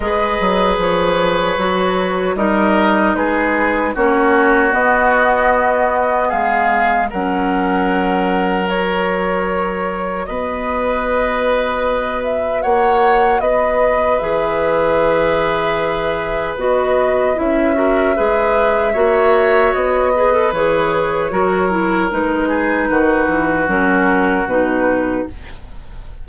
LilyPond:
<<
  \new Staff \with { instrumentName = "flute" } { \time 4/4 \tempo 4 = 76 dis''4 cis''2 dis''4 | b'4 cis''4 dis''2 | f''4 fis''2 cis''4~ | cis''4 dis''2~ dis''8 e''8 |
fis''4 dis''4 e''2~ | e''4 dis''4 e''2~ | e''4 dis''4 cis''2 | b'2 ais'4 b'4 | }
  \new Staff \with { instrumentName = "oboe" } { \time 4/4 b'2. ais'4 | gis'4 fis'2. | gis'4 ais'2.~ | ais'4 b'2. |
cis''4 b'2.~ | b'2~ b'8 ais'8 b'4 | cis''4. b'4. ais'4~ | ais'8 gis'8 fis'2. | }
  \new Staff \with { instrumentName = "clarinet" } { \time 4/4 gis'2 fis'4 dis'4~ | dis'4 cis'4 b2~ | b4 cis'2 fis'4~ | fis'1~ |
fis'2 gis'2~ | gis'4 fis'4 e'8 fis'8 gis'4 | fis'4. gis'16 a'16 gis'4 fis'8 e'8 | dis'2 cis'4 dis'4 | }
  \new Staff \with { instrumentName = "bassoon" } { \time 4/4 gis8 fis8 f4 fis4 g4 | gis4 ais4 b2 | gis4 fis2.~ | fis4 b2. |
ais4 b4 e2~ | e4 b4 cis'4 gis4 | ais4 b4 e4 fis4 | gis4 dis8 e8 fis4 b,4 | }
>>